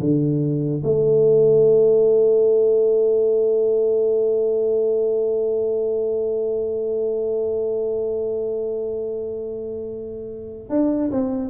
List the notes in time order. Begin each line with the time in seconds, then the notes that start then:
0.00 D3
0.84 A3
10.70 D4
11.11 C4